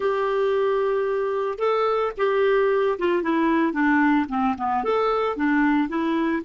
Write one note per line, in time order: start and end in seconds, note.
0.00 1.58 G4
1.58 2.12 A4
2.17 2.98 G4
2.99 3.22 F4
3.22 3.72 E4
3.72 4.26 D4
4.28 4.55 C4
4.57 4.84 B3
4.84 5.36 A4
5.36 5.88 D4
5.88 6.42 E4